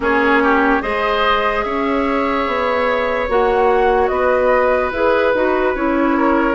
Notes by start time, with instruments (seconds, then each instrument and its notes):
0.00 bassoon A#3, clarinet C#4, oboe G#4, flute C#5
0.43 oboe G4
0.81 bassoon G#3, clarinet G#4, oboe C5, flute D#5
1.64 bassoon C#4, oboe C#5, flute E5
2.46 bassoon B3
3.28 bassoon A#3, clarinet F#4, flute F#5
4.07 bassoon B3, oboe B4, flute D#5
4.91 bassoon E4, clarinet G#4, flute B4
5.34 bassoon D#4, clarinet F#4
5.75 bassoon C#4, clarinet E4, flute C#5
6.17 oboe A#4